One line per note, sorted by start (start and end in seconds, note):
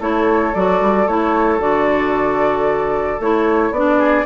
0.00 0.53 A3
0.00 0.53 E4
0.00 3.98 A4
0.00 0.54 C#5
0.54 0.81 F#3
0.54 1.07 F#4
0.54 1.07 D5
0.81 1.07 G3
1.07 1.59 A3
1.07 1.59 E4
1.07 1.60 C#5
1.59 3.18 D3
1.59 3.18 F#4
1.59 3.20 D5
3.19 3.70 A3
3.19 3.74 E4
3.19 3.73 C#5
3.70 4.24 B3
3.70 4.25 D4
3.70 4.25 D5
3.98 4.25 G#4